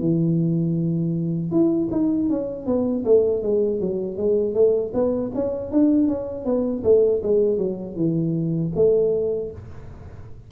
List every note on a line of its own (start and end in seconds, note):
0.00 1.52 E3
1.52 1.90 E4
1.92 2.30 D#4
2.30 2.67 C#4
2.67 3.04 B3
3.05 3.43 A3
3.43 3.80 G#3
3.80 4.17 F#3
4.17 4.54 G#3
4.54 4.92 A3
4.94 5.32 B3
5.35 5.72 C#4
5.72 6.08 D4
6.08 6.46 C#4
6.46 6.84 B3
6.84 7.22 A3
7.23 7.58 G#3
7.58 7.96 F#3
7.96 8.72 E3
8.75 9.51 A3